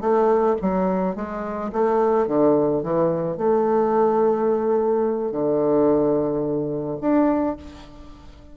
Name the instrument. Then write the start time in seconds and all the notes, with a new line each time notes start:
bassoon
0.00 A3
0.61 F#3
1.15 G#3
1.72 A3
2.27 D3
2.83 E3
3.37 A3
5.31 D3
7.01 D4